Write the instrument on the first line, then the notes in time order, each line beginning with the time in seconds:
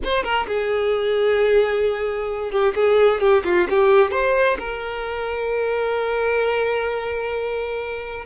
violin
0.03 C5
0.23 A#4
0.47 G#4
2.51 G4
2.75 G#4
3.20 G4
3.44 F4
3.69 G4
4.11 C5
4.59 A#4